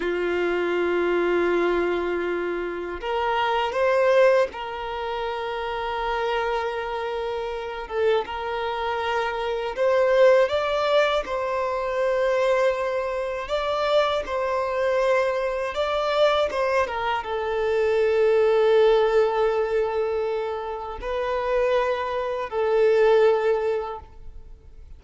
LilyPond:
\new Staff \with { instrumentName = "violin" } { \time 4/4 \tempo 4 = 80 f'1 | ais'4 c''4 ais'2~ | ais'2~ ais'8 a'8 ais'4~ | ais'4 c''4 d''4 c''4~ |
c''2 d''4 c''4~ | c''4 d''4 c''8 ais'8 a'4~ | a'1 | b'2 a'2 | }